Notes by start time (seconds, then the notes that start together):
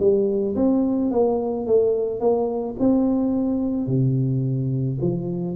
0.00 G3
0.56 C4
1.12 A#3
1.67 A3
2.20 A#3
2.80 C4
3.87 C3
5.02 F3